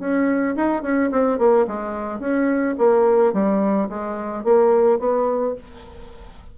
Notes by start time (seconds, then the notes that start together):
0.00 C#4
0.56 D#4
0.83 C#4
1.11 C4
1.39 A#3
1.68 G#3
2.20 C#4
2.79 A#3
3.34 G3
3.89 G#3
4.44 A#3
5.00 B3